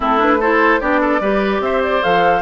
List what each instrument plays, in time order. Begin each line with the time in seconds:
0.00 bassoon A3, clarinet C4, oboe E4, flute A4
0.18 clarinet D4, flute B4
0.40 clarinet E4, oboe A4, flute C5
0.80 bassoon B3, clarinet D4, oboe G4, flute D5
1.00 oboe A4
1.20 bassoon G3, clarinet G4, oboe B4
1.60 bassoon C4, oboe C5, flute E5
1.83 flute D5
2.02 bassoon F3, clarinet A4, flute F5